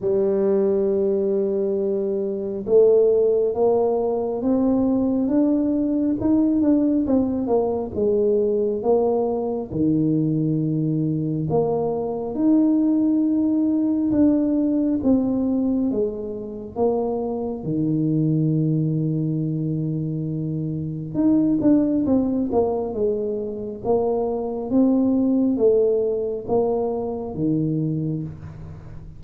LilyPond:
\new Staff \with { instrumentName = "tuba" } { \time 4/4 \tempo 4 = 68 g2. a4 | ais4 c'4 d'4 dis'8 d'8 | c'8 ais8 gis4 ais4 dis4~ | dis4 ais4 dis'2 |
d'4 c'4 gis4 ais4 | dis1 | dis'8 d'8 c'8 ais8 gis4 ais4 | c'4 a4 ais4 dis4 | }